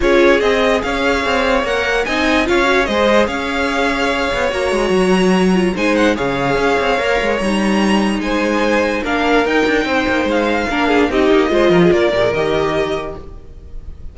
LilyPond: <<
  \new Staff \with { instrumentName = "violin" } { \time 4/4 \tempo 4 = 146 cis''4 dis''4 f''2 | fis''4 gis''4 f''4 dis''4 | f''2. ais''4~ | ais''2 gis''8 fis''8 f''4~ |
f''2 ais''2 | gis''2 f''4 g''4~ | g''4 f''2 dis''4~ | dis''4 d''4 dis''2 | }
  \new Staff \with { instrumentName = "violin" } { \time 4/4 gis'2 cis''2~ | cis''4 dis''4 cis''4 c''4 | cis''1~ | cis''2 c''4 cis''4~ |
cis''1 | c''2 ais'2 | c''2 ais'8 gis'8 g'4 | c''8 ais'16 gis'16 ais'2. | }
  \new Staff \with { instrumentName = "viola" } { \time 4/4 f'4 gis'2. | ais'4 dis'4 f'8 fis'8 gis'4~ | gis'2. fis'4~ | fis'4. f'8 dis'4 gis'4~ |
gis'4 ais'4 dis'2~ | dis'2 d'4 dis'4~ | dis'2 d'4 dis'4 | f'4. g'16 gis'16 g'2 | }
  \new Staff \with { instrumentName = "cello" } { \time 4/4 cis'4 c'4 cis'4 c'4 | ais4 c'4 cis'4 gis4 | cis'2~ cis'8 b8 ais8 gis8 | fis2 gis4 cis4 |
cis'8 c'8 ais8 gis8 g2 | gis2 ais4 dis'8 d'8 | c'8 ais8 gis4 ais4 c'8 ais8 | gis8 f8 ais8 ais,8 dis2 | }
>>